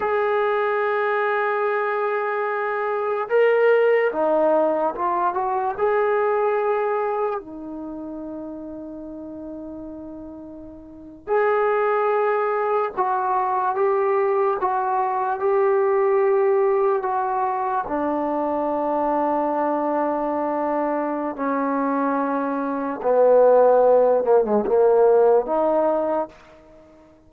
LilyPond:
\new Staff \with { instrumentName = "trombone" } { \time 4/4 \tempo 4 = 73 gis'1 | ais'4 dis'4 f'8 fis'8 gis'4~ | gis'4 dis'2.~ | dis'4.~ dis'16 gis'2 fis'16~ |
fis'8. g'4 fis'4 g'4~ g'16~ | g'8. fis'4 d'2~ d'16~ | d'2 cis'2 | b4. ais16 gis16 ais4 dis'4 | }